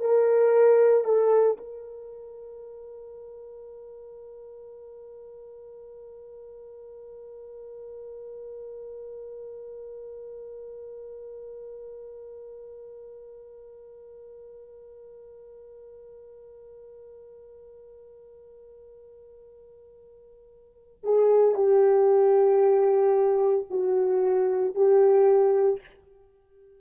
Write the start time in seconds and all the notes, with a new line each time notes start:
0.00 A#4
1.04 A4
1.58 A#4
21.04 G#4
21.55 G4
23.70 F#4
24.75 G4